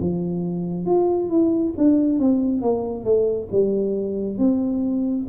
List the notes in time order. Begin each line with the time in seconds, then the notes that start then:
0.00 F3
0.85 F4
1.29 E4
1.77 D4
2.19 C4
2.61 A#3
3.04 A3
3.51 G3
4.38 C4